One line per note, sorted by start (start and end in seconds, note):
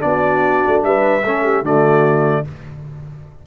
0.00 0.65 B3
0.00 1.22 D4
0.00 0.83 D5
0.07 0.86 F#4
0.67 0.83 A3
0.83 1.24 G3
0.83 1.26 B4
0.83 1.66 E5
1.24 1.62 A3
1.24 1.64 C#4
1.24 1.44 A4
1.44 1.64 G4
1.62 2.43 D3
1.62 2.45 A3
1.62 2.45 F#4
1.62 2.47 D5